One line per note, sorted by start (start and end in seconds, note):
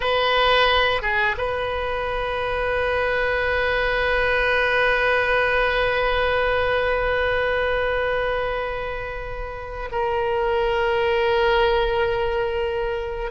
0.00 1.02 B4
1.02 1.36 G#4
1.37 9.89 B4
9.91 13.31 A#4